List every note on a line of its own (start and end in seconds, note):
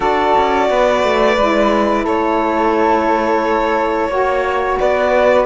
0.00 0.33 D4
0.00 1.34 F#4
0.00 0.67 A4
0.00 2.05 D5
0.37 0.70 C#4
0.69 1.03 B3
0.69 2.04 B4
1.03 1.37 A3
1.37 2.05 G#3
1.37 4.10 E4
2.04 4.08 A3
2.04 4.09 A4
2.04 4.78 C#5
4.08 4.76 A#3
4.08 5.45 F#4
4.08 4.77 C#5
4.78 5.45 B3
4.78 5.45 B4
4.78 5.45 D5